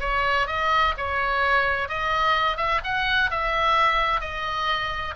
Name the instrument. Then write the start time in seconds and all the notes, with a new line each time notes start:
oboe
0.00 C#5
0.47 D#5
0.97 C#5
1.89 D#5
2.57 E5
2.84 F#5
3.31 E5
4.21 D#5